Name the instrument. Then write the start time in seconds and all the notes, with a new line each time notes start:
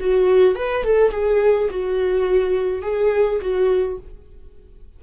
viola
0.00 F#4
0.55 B4
0.84 A4
1.11 G#4
1.70 F#4
2.82 G#4
3.41 F#4